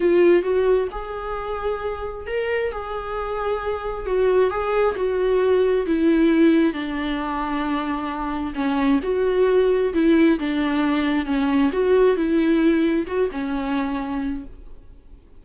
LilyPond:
\new Staff \with { instrumentName = "viola" } { \time 4/4 \tempo 4 = 133 f'4 fis'4 gis'2~ | gis'4 ais'4 gis'2~ | gis'4 fis'4 gis'4 fis'4~ | fis'4 e'2 d'4~ |
d'2. cis'4 | fis'2 e'4 d'4~ | d'4 cis'4 fis'4 e'4~ | e'4 fis'8 cis'2~ cis'8 | }